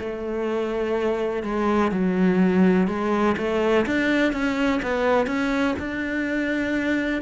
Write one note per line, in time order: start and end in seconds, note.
0.00 1.43 A3
1.43 1.92 G#3
1.92 2.88 F#3
2.88 3.36 G#3
3.37 3.86 A3
3.87 4.33 D4
4.33 4.81 C#4
4.83 5.27 B3
5.27 5.75 C#4
5.79 7.22 D4